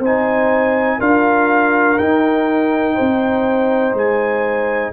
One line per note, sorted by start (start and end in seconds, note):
0.00 0.98 C4
0.00 1.00 D#4
0.00 0.99 C5
0.00 1.01 G#5
0.99 1.99 D4
0.99 1.99 F4
0.99 2.95 A#4
0.99 1.99 F5
1.99 2.98 D#4
1.99 4.93 D#4
1.99 3.95 G5
2.95 3.94 C4
2.95 4.92 C5
3.94 4.92 G#3
3.94 4.93 G#5